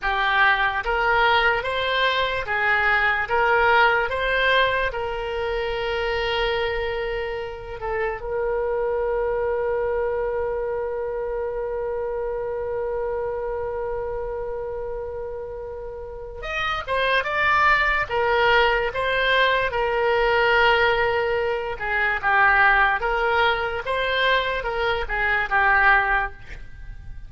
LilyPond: \new Staff \with { instrumentName = "oboe" } { \time 4/4 \tempo 4 = 73 g'4 ais'4 c''4 gis'4 | ais'4 c''4 ais'2~ | ais'4. a'8 ais'2~ | ais'1~ |
ais'1 | dis''8 c''8 d''4 ais'4 c''4 | ais'2~ ais'8 gis'8 g'4 | ais'4 c''4 ais'8 gis'8 g'4 | }